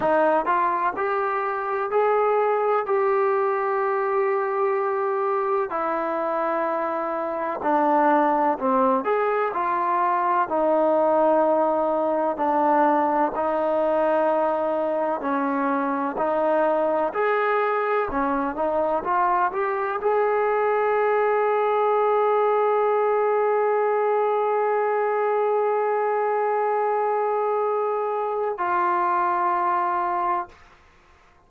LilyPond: \new Staff \with { instrumentName = "trombone" } { \time 4/4 \tempo 4 = 63 dis'8 f'8 g'4 gis'4 g'4~ | g'2 e'2 | d'4 c'8 gis'8 f'4 dis'4~ | dis'4 d'4 dis'2 |
cis'4 dis'4 gis'4 cis'8 dis'8 | f'8 g'8 gis'2.~ | gis'1~ | gis'2 f'2 | }